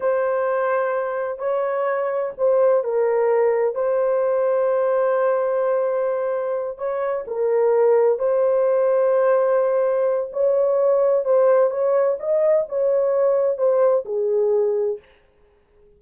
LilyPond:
\new Staff \with { instrumentName = "horn" } { \time 4/4 \tempo 4 = 128 c''2. cis''4~ | cis''4 c''4 ais'2 | c''1~ | c''2~ c''8 cis''4 ais'8~ |
ais'4. c''2~ c''8~ | c''2 cis''2 | c''4 cis''4 dis''4 cis''4~ | cis''4 c''4 gis'2 | }